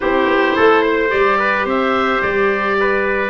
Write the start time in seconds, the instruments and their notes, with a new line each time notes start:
0.00 tuba C4, clarinet E4, trumpet G4, oboe C5
0.26 tuba B3
0.56 tuba A3, trumpet A4
0.82 trumpet C5
1.08 tuba G3, clarinet G4, oboe D5
1.39 trumpet B4
1.65 tuba C4, trumpet C5, oboe E5
2.21 tuba G3, oboe D5
2.80 trumpet B4